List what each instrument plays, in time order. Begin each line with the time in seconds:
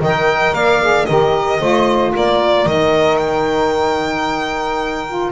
0.00 double bass D#3, saxophone A#4 D#5, violin G5
0.54 double bass A#3, saxophone D5, violin F5
0.81 saxophone G#4
1.05 double bass D#3, saxophone G4 A#4, violin D#5
1.59 double bass A3, saxophone F4 C5
2.15 double bass A#3, saxophone A#4, violin D5
2.66 double bass D#3, saxophone D#4, violin D#5
3.17 violin G5
5.08 saxophone F4